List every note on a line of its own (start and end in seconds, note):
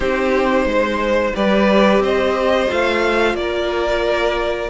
0.00 0.65 C4
0.00 1.34 D#4
0.00 0.65 G4
0.00 1.34 C5
0.65 1.32 G#3
0.65 1.35 C5
1.34 1.99 G3
1.34 2.68 G4
1.34 2.02 B4
1.34 2.03 D5
1.99 2.66 C4
1.99 3.37 C5
1.99 2.71 D#5
2.68 3.34 A3
2.68 4.70 F4
2.68 3.35 F5
3.34 4.69 A#3
3.34 4.70 D5
3.41 4.70 A#4